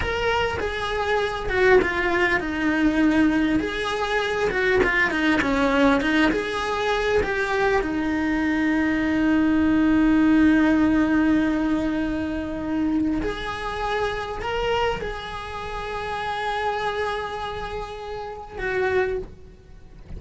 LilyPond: \new Staff \with { instrumentName = "cello" } { \time 4/4 \tempo 4 = 100 ais'4 gis'4. fis'8 f'4 | dis'2 gis'4. fis'8 | f'8 dis'8 cis'4 dis'8 gis'4. | g'4 dis'2.~ |
dis'1~ | dis'2 gis'2 | ais'4 gis'2.~ | gis'2. fis'4 | }